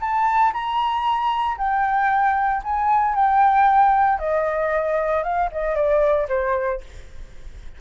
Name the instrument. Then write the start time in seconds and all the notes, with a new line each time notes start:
flute
0.00 A5
0.53 A#5
1.57 G5
2.63 G#5
3.15 G5
4.19 D#5
5.23 F5
5.52 D#5
5.75 D5
6.28 C5